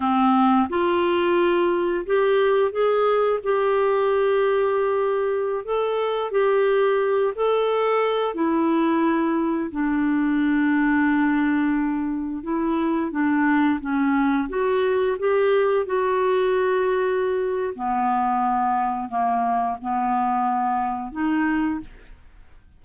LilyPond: \new Staff \with { instrumentName = "clarinet" } { \time 4/4 \tempo 4 = 88 c'4 f'2 g'4 | gis'4 g'2.~ | g'16 a'4 g'4. a'4~ a'16~ | a'16 e'2 d'4.~ d'16~ |
d'2~ d'16 e'4 d'8.~ | d'16 cis'4 fis'4 g'4 fis'8.~ | fis'2 b2 | ais4 b2 dis'4 | }